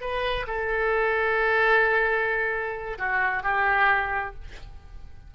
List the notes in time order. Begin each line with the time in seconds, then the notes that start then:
0.00 B4
0.47 A4
2.98 F#4
3.43 G4